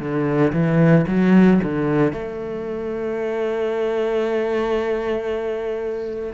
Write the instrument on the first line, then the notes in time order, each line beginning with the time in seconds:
cello
0.00 D3
0.53 E3
1.08 F#3
1.63 D3
2.13 A3